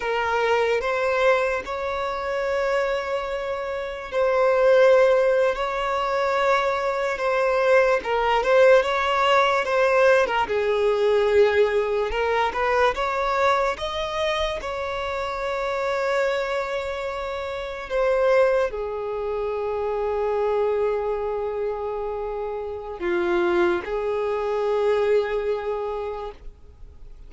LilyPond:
\new Staff \with { instrumentName = "violin" } { \time 4/4 \tempo 4 = 73 ais'4 c''4 cis''2~ | cis''4 c''4.~ c''16 cis''4~ cis''16~ | cis''8. c''4 ais'8 c''8 cis''4 c''16~ | c''8 ais'16 gis'2 ais'8 b'8 cis''16~ |
cis''8. dis''4 cis''2~ cis''16~ | cis''4.~ cis''16 c''4 gis'4~ gis'16~ | gis'1 | f'4 gis'2. | }